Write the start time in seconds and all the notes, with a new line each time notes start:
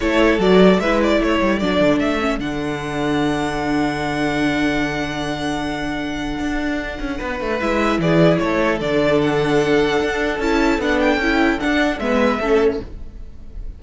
0.00 A3 E4 A4 C#5
0.38 F#3 F#4 D5
0.79 G#3 E4 B4 E5
1.02 D5
1.20 A3 A4 C#5
1.41 G3
1.59 F#3 D4 D5
1.80 D3
1.99 A3 E5
2.20 C#4
2.39 D3 D4 F#5
6.39 D4
6.99 C#4
7.18 B3 B4
7.40 A3
7.60 G#3 E4 E5
7.98 E3 G#4 D5
8.38 A3 A4 C#5
8.79 D3 D4 D5
9.21 F#5
10.01 D4
10.38 C#4 E4 A5
10.78 B3 D4 F#5
10.99 G5
11.17 C#4 E4
11.59 D4 F#5
11.98 G#3 B3 B4 E5
12.39 A3 C#4 A4